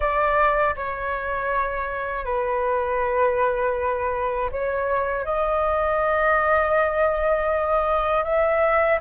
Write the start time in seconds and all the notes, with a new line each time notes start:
0.00 D5
0.76 C#5
2.25 B4
4.51 C#5
5.24 D#5
8.24 E5